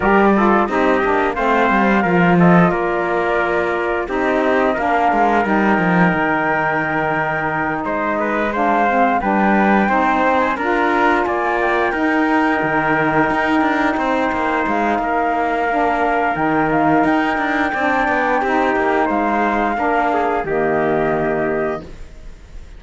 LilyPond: <<
  \new Staff \with { instrumentName = "flute" } { \time 4/4 \tempo 4 = 88 d''4 dis''4 f''4. dis''8 | d''2 dis''4 f''4 | g''2.~ g''8 dis''8~ | dis''8 f''4 g''4.~ g''16 gis''16 ais''8~ |
ais''8 gis''8 g''2.~ | g''4. f''2~ f''8 | g''8 f''8 g''2. | f''2 dis''2 | }
  \new Staff \with { instrumentName = "trumpet" } { \time 4/4 ais'8 a'8 g'4 c''4 ais'8 a'8 | ais'2 g'4 ais'4~ | ais'2.~ ais'8 c''8 | b'8 c''4 b'4 c''4 ais'8~ |
ais'8 d''4 ais'2~ ais'8~ | ais'8 c''4. ais'2~ | ais'2 d''4 g'4 | c''4 ais'8 gis'8 g'2 | }
  \new Staff \with { instrumentName = "saxophone" } { \time 4/4 g'8 f'8 dis'8 d'8 c'4 f'4~ | f'2 dis'4 d'4 | dis'1~ | dis'8 d'8 c'8 d'4 dis'4 f'8~ |
f'4. dis'2~ dis'8~ | dis'2. d'4 | dis'2 d'4 dis'4~ | dis'4 d'4 ais2 | }
  \new Staff \with { instrumentName = "cello" } { \time 4/4 g4 c'8 ais8 a8 g8 f4 | ais2 c'4 ais8 gis8 | g8 f8 dis2~ dis8 gis8~ | gis4. g4 c'4 d'8~ |
d'8 ais4 dis'4 dis4 dis'8 | d'8 c'8 ais8 gis8 ais2 | dis4 dis'8 d'8 c'8 b8 c'8 ais8 | gis4 ais4 dis2 | }
>>